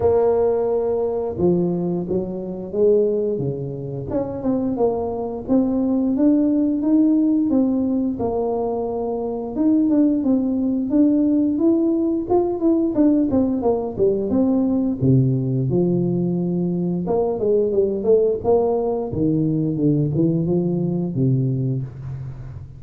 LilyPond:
\new Staff \with { instrumentName = "tuba" } { \time 4/4 \tempo 4 = 88 ais2 f4 fis4 | gis4 cis4 cis'8 c'8 ais4 | c'4 d'4 dis'4 c'4 | ais2 dis'8 d'8 c'4 |
d'4 e'4 f'8 e'8 d'8 c'8 | ais8 g8 c'4 c4 f4~ | f4 ais8 gis8 g8 a8 ais4 | dis4 d8 e8 f4 c4 | }